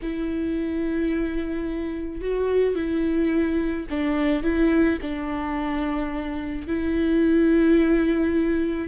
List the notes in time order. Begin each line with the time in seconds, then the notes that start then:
0.02 E4
2.21 F#4
2.75 E4
3.89 D4
4.43 E4
5.02 D4
6.67 E4